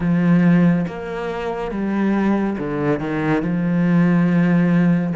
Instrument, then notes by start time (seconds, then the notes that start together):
cello
0.00 F3
0.86 A#3
1.71 G3
2.58 D3
2.99 D#3
3.42 F3